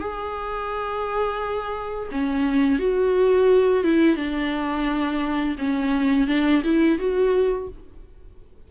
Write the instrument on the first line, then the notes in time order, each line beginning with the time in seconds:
viola
0.00 G#4
2.12 C#4
2.79 F#4
3.84 E4
4.17 D4
5.58 C#4
6.28 D4
6.64 E4
6.99 F#4